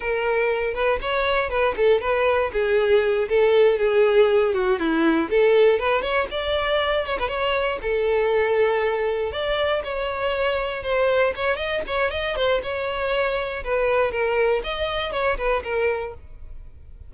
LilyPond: \new Staff \with { instrumentName = "violin" } { \time 4/4 \tempo 4 = 119 ais'4. b'8 cis''4 b'8 a'8 | b'4 gis'4. a'4 gis'8~ | gis'4 fis'8 e'4 a'4 b'8 | cis''8 d''4. cis''16 b'16 cis''4 a'8~ |
a'2~ a'8 d''4 cis''8~ | cis''4. c''4 cis''8 dis''8 cis''8 | dis''8 c''8 cis''2 b'4 | ais'4 dis''4 cis''8 b'8 ais'4 | }